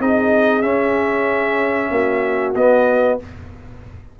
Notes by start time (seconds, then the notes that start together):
0.00 C4 D#4 G#4 D#5
0.62 C#4 E5
1.91 A#3 F#4
2.55 B3 D#5